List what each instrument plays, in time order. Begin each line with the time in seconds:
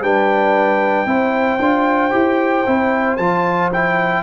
0.00 tuba G3, trombone D4, horn B4, trumpet G5
1.05 tuba C4, trombone E4, horn C5
1.59 tuba D4, trombone F4
2.11 tuba E4, trombone G4
2.66 tuba C4, trombone E4
3.16 tuba F3, trombone F4, trumpet A5
3.72 trombone E4, trumpet G5